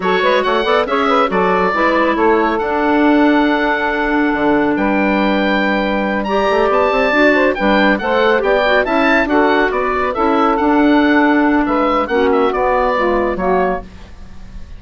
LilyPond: <<
  \new Staff \with { instrumentName = "oboe" } { \time 4/4 \tempo 4 = 139 cis''4 fis''4 e''4 d''4~ | d''4 cis''4 fis''2~ | fis''2. g''4~ | g''2~ g''8 ais''4 a''8~ |
a''4. g''4 fis''4 g''8~ | g''8 a''4 fis''4 d''4 e''8~ | e''8 fis''2~ fis''8 e''4 | fis''8 e''8 d''2 cis''4 | }
  \new Staff \with { instrumentName = "saxophone" } { \time 4/4 a'8 b'8 cis''8 d''8 cis''8 b'8 a'4 | b'4 a'2.~ | a'2. b'4~ | b'2~ b'8 d''4.~ |
d''4 c''8 b'4 c''4 d''8~ | d''8 e''4 a'4 b'4 a'8~ | a'2. b'4 | fis'2 f'4 fis'4 | }
  \new Staff \with { instrumentName = "clarinet" } { \time 4/4 fis'4. a'8 gis'4 fis'4 | e'2 d'2~ | d'1~ | d'2~ d'8 g'4.~ |
g'8 fis'4 d'4 a'4 g'8 | fis'8 e'4 fis'2 e'8~ | e'8 d'2.~ d'8 | cis'4 b4 gis4 ais4 | }
  \new Staff \with { instrumentName = "bassoon" } { \time 4/4 fis8 gis8 a8 b8 cis'4 fis4 | gis4 a4 d'2~ | d'2 d4 g4~ | g2. a8 b8 |
c'8 d'4 g4 a4 b8~ | b8 cis'4 d'4 b4 cis'8~ | cis'8 d'2~ d'8 gis4 | ais4 b2 fis4 | }
>>